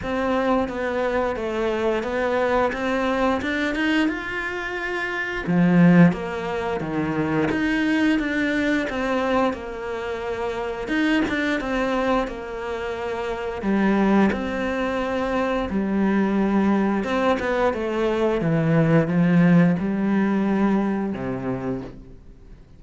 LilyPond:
\new Staff \with { instrumentName = "cello" } { \time 4/4 \tempo 4 = 88 c'4 b4 a4 b4 | c'4 d'8 dis'8 f'2 | f4 ais4 dis4 dis'4 | d'4 c'4 ais2 |
dis'8 d'8 c'4 ais2 | g4 c'2 g4~ | g4 c'8 b8 a4 e4 | f4 g2 c4 | }